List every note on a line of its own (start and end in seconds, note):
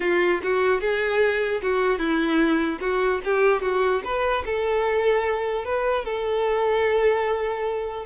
0.00 0.40 F4
0.43 0.80 F#4
0.80 1.61 G#4
1.62 1.98 F#4
1.98 2.79 E4
2.80 3.20 F#4
3.24 3.61 G4
3.61 4.02 F#4
4.04 4.44 B4
4.45 5.64 A4
5.64 6.05 B4
6.05 8.06 A4